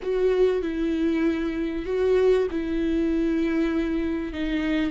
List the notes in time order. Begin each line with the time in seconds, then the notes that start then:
0.02 F#4
0.62 E4
1.85 F#4
2.51 E4
4.32 D#4